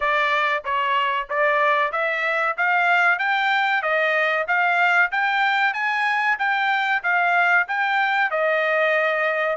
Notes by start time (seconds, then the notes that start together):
0.00 D5
0.64 C#5
1.29 D5
1.91 E5
2.57 F5
3.18 G5
3.82 D#5
4.47 F5
5.11 G5
5.73 G#5
6.38 G5
7.03 F5
7.68 G5
8.30 D#5